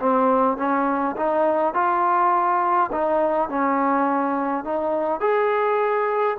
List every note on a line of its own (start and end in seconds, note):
0.00 0.57 C4
0.57 1.16 C#4
1.17 1.74 D#4
1.74 2.91 F4
2.92 3.50 D#4
3.50 4.65 C#4
4.65 5.21 D#4
5.21 6.37 G#4